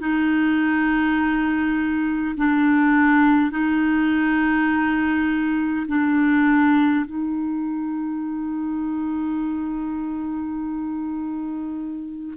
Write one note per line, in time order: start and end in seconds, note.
0.00 2.35 D#4
2.37 3.51 D4
3.51 5.87 D#4
5.88 7.05 D4
7.05 12.35 D#4